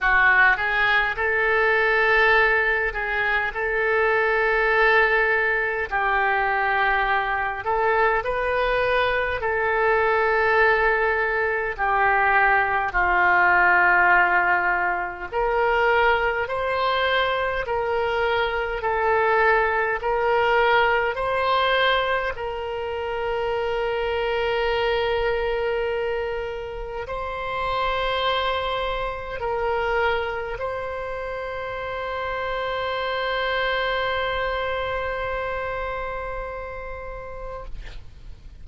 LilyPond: \new Staff \with { instrumentName = "oboe" } { \time 4/4 \tempo 4 = 51 fis'8 gis'8 a'4. gis'8 a'4~ | a'4 g'4. a'8 b'4 | a'2 g'4 f'4~ | f'4 ais'4 c''4 ais'4 |
a'4 ais'4 c''4 ais'4~ | ais'2. c''4~ | c''4 ais'4 c''2~ | c''1 | }